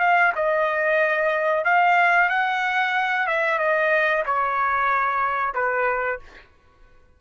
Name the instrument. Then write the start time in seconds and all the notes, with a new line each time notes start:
trumpet
0.00 F5
0.36 D#5
1.65 F5
2.29 F#5
3.27 E5
3.59 D#5
4.26 C#5
5.54 B4